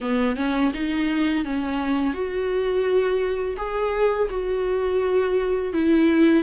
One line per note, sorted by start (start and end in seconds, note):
0.01 0.36 B3
0.36 0.71 C#4
0.73 1.44 D#4
1.44 2.13 C#4
2.13 3.56 F#4
3.56 4.28 G#4
4.30 5.73 F#4
5.73 6.43 E4